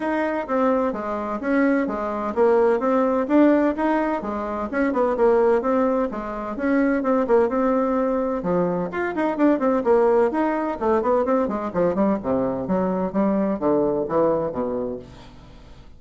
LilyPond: \new Staff \with { instrumentName = "bassoon" } { \time 4/4 \tempo 4 = 128 dis'4 c'4 gis4 cis'4 | gis4 ais4 c'4 d'4 | dis'4 gis4 cis'8 b8 ais4 | c'4 gis4 cis'4 c'8 ais8 |
c'2 f4 f'8 dis'8 | d'8 c'8 ais4 dis'4 a8 b8 | c'8 gis8 f8 g8 c4 fis4 | g4 d4 e4 b,4 | }